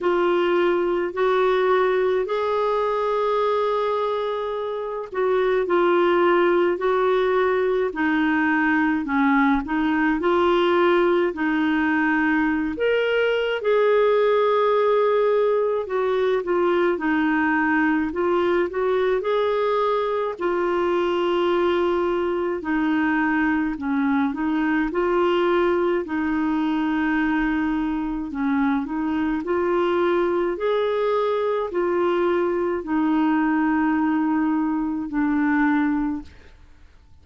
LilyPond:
\new Staff \with { instrumentName = "clarinet" } { \time 4/4 \tempo 4 = 53 f'4 fis'4 gis'2~ | gis'8 fis'8 f'4 fis'4 dis'4 | cis'8 dis'8 f'4 dis'4~ dis'16 ais'8. | gis'2 fis'8 f'8 dis'4 |
f'8 fis'8 gis'4 f'2 | dis'4 cis'8 dis'8 f'4 dis'4~ | dis'4 cis'8 dis'8 f'4 gis'4 | f'4 dis'2 d'4 | }